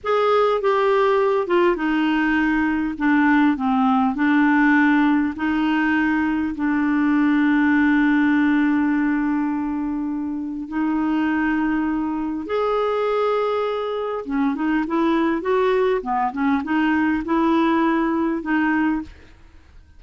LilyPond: \new Staff \with { instrumentName = "clarinet" } { \time 4/4 \tempo 4 = 101 gis'4 g'4. f'8 dis'4~ | dis'4 d'4 c'4 d'4~ | d'4 dis'2 d'4~ | d'1~ |
d'2 dis'2~ | dis'4 gis'2. | cis'8 dis'8 e'4 fis'4 b8 cis'8 | dis'4 e'2 dis'4 | }